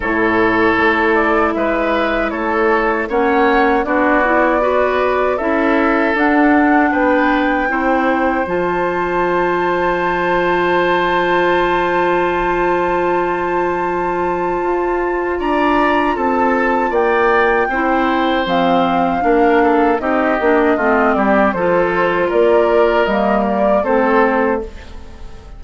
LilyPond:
<<
  \new Staff \with { instrumentName = "flute" } { \time 4/4 \tempo 4 = 78 cis''4. d''8 e''4 cis''4 | fis''4 d''2 e''4 | fis''4 g''2 a''4~ | a''1~ |
a''1 | ais''4 a''4 g''2 | f''2 dis''4. d''8 | c''4 d''4 dis''8 d''8 c''4 | }
  \new Staff \with { instrumentName = "oboe" } { \time 4/4 a'2 b'4 a'4 | cis''4 fis'4 b'4 a'4~ | a'4 b'4 c''2~ | c''1~ |
c''1 | d''4 a'4 d''4 c''4~ | c''4 ais'8 a'8 g'4 f'8 g'8 | a'4 ais'2 a'4 | }
  \new Staff \with { instrumentName = "clarinet" } { \time 4/4 e'1 | cis'4 d'8 e'8 fis'4 e'4 | d'2 e'4 f'4~ | f'1~ |
f'1~ | f'2. e'4 | c'4 d'4 dis'8 d'8 c'4 | f'2 ais4 c'4 | }
  \new Staff \with { instrumentName = "bassoon" } { \time 4/4 a,4 a4 gis4 a4 | ais4 b2 cis'4 | d'4 b4 c'4 f4~ | f1~ |
f2. f'4 | d'4 c'4 ais4 c'4 | f4 ais4 c'8 ais8 a8 g8 | f4 ais4 g4 a4 | }
>>